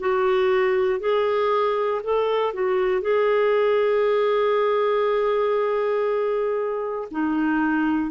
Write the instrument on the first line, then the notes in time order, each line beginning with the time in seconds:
clarinet
0.00 F#4
1.00 G#4
2.03 A4
2.53 F#4
3.01 G#4
7.11 D#4